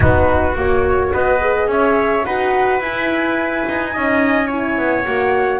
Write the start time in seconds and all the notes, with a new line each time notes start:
0.00 B3 D#4 F#4 B4
0.55 A#3 F#4 C#5
1.12 B3 B4 D#5
1.40 G#4
1.66 C#4 C#5 E5
2.24 D#4 F#4 B4 F#5
2.80 E4 G#5
3.68 D#4
3.89 D#4 D#5
3.96 C#4
4.47 E4 C#5
4.77 B3
5.04 A#3 F#4 F#5